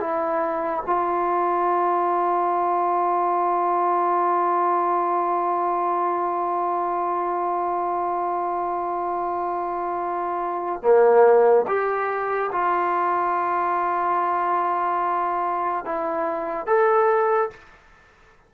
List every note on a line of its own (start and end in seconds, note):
0.00 0.83 E4
0.86 10.82 F4
10.82 11.66 A#3
11.67 12.50 G4
12.52 15.85 F4
15.85 16.67 E4
16.67 17.50 A4